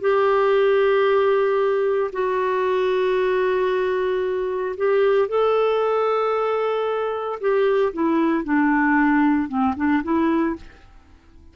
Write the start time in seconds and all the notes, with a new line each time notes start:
0.00 G4
2.12 F#4
4.76 G4
5.28 A4
7.40 G4
7.93 E4
8.44 D4
9.48 C4
9.76 D4
10.03 E4